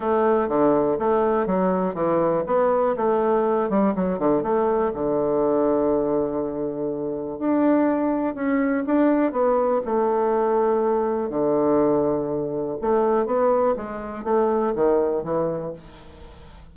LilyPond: \new Staff \with { instrumentName = "bassoon" } { \time 4/4 \tempo 4 = 122 a4 d4 a4 fis4 | e4 b4 a4. g8 | fis8 d8 a4 d2~ | d2. d'4~ |
d'4 cis'4 d'4 b4 | a2. d4~ | d2 a4 b4 | gis4 a4 dis4 e4 | }